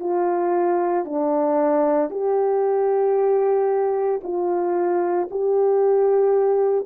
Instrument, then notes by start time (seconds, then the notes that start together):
horn
0.00 F4
1.05 D4
2.11 G4
4.23 F4
5.31 G4